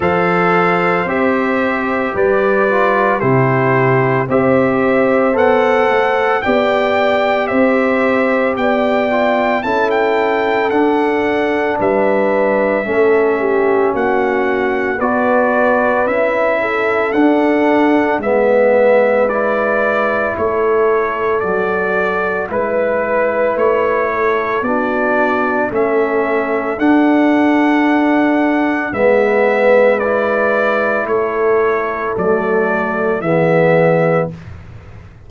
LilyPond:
<<
  \new Staff \with { instrumentName = "trumpet" } { \time 4/4 \tempo 4 = 56 f''4 e''4 d''4 c''4 | e''4 fis''4 g''4 e''4 | g''4 a''16 g''8. fis''4 e''4~ | e''4 fis''4 d''4 e''4 |
fis''4 e''4 d''4 cis''4 | d''4 b'4 cis''4 d''4 | e''4 fis''2 e''4 | d''4 cis''4 d''4 e''4 | }
  \new Staff \with { instrumentName = "horn" } { \time 4/4 c''2 b'4 g'4 | c''2 d''4 c''4 | d''4 a'2 b'4 | a'8 g'8 fis'4 b'4. a'8~ |
a'4 b'2 a'4~ | a'4 b'4. a'8 fis'4 | a'2. b'4~ | b'4 a'2 gis'4 | }
  \new Staff \with { instrumentName = "trombone" } { \time 4/4 a'4 g'4. f'8 e'4 | g'4 a'4 g'2~ | g'8 f'8 e'4 d'2 | cis'2 fis'4 e'4 |
d'4 b4 e'2 | fis'4 e'2 d'4 | cis'4 d'2 b4 | e'2 a4 b4 | }
  \new Staff \with { instrumentName = "tuba" } { \time 4/4 f4 c'4 g4 c4 | c'4 b8 a8 b4 c'4 | b4 cis'4 d'4 g4 | a4 ais4 b4 cis'4 |
d'4 gis2 a4 | fis4 gis4 a4 b4 | a4 d'2 gis4~ | gis4 a4 fis4 e4 | }
>>